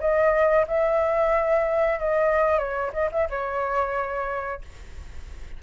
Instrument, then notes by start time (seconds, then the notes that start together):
flute
0.00 D#5
0.67 E5
1.99 D#5
2.58 C#5
2.93 D#5
3.12 E5
3.30 C#5